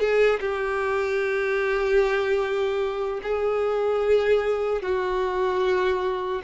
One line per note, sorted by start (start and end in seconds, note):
0.00 0.40 G#4
0.41 3.20 G4
3.23 4.82 G#4
4.82 6.42 F#4